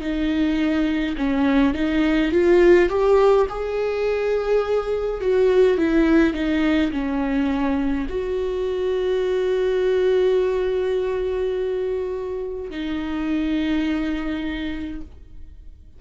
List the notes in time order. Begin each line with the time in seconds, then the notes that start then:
0.00 D#4
1.17 C#4
1.74 D#4
2.31 F4
2.89 G4
3.49 G#4
5.20 F#4
5.77 E4
6.34 D#4
6.91 C#4
8.09 F#4
12.70 D#4